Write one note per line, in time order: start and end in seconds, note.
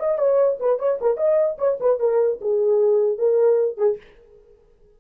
0.00 0.18 D#5
0.18 0.58 C#5
0.60 0.79 B4
0.79 0.99 C#5
1.01 1.17 A#4
1.17 1.57 D#5
1.58 1.78 C#5
1.80 1.99 B4
1.99 2.39 A#4
2.41 3.18 G#4
3.18 3.77 A#4
3.77 3.97 G#4